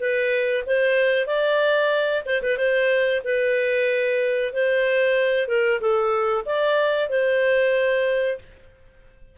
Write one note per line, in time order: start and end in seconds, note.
0.00 0.65 B4
0.66 1.27 C5
1.27 2.24 D5
2.26 2.42 C5
2.43 2.57 B4
2.57 3.22 C5
3.24 4.53 B4
4.53 5.48 C5
5.48 5.80 A#4
5.81 6.45 A4
6.46 7.09 D5
7.09 8.38 C5